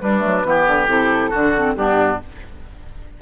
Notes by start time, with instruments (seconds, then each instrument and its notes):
0.00 clarinet G3, bassoon G3, oboe D4, flute B4
0.18 clarinet A3
0.24 bassoon F#3
0.44 bassoon E3, clarinet B3, oboe G4
0.66 bassoon D3
0.86 bassoon C3, clarinet E4, flute A4
1.29 bassoon D3, clarinet D4, oboe F#4
1.55 clarinet C4
1.74 bassoon G2, clarinet B3, oboe D4, flute G4